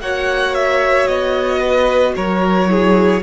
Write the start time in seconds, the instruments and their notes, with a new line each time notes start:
0.00 cello A#3, viola F#4, violin C#5 F#5
0.54 violin E5
1.06 cello B3, violin D#5
1.59 violin B4
2.15 cello F#3, violin A#4 C#5
2.67 viola E4, violin G#4